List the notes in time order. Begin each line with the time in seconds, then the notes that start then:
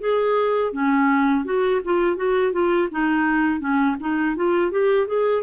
0.00 G#4
0.73 C#4
1.45 F#4
1.84 F4
2.16 F#4
2.52 F4
2.91 D#4
3.60 C#4
4.00 D#4
4.36 F4
4.71 G4
5.07 G#4